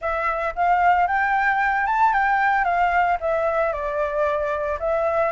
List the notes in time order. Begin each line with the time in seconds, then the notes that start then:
0.01 E5
0.55 F5
1.07 G5
1.86 A5
2.12 G5
2.64 F5
3.20 E5
3.72 D5
4.79 E5